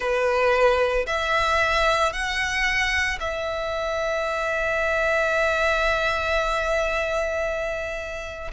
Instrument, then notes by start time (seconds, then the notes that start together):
violin
0.00 B4
1.06 E5
2.12 F#5
3.20 E5